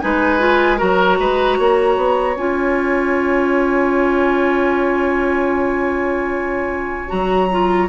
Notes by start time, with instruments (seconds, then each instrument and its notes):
0.00 bassoon G#3, clarinet D#4, oboe B4, flute G#5
0.39 clarinet F4
0.78 bassoon F#3, clarinet F#4, oboe A#4, flute A#5
1.20 bassoon G#3, oboe B4
1.59 bassoon A#3, oboe C#5
1.97 bassoon B3
2.36 bassoon C#4, clarinet F4, flute G#5
7.09 bassoon F#3, clarinet F#4, flute A#5
7.52 clarinet F4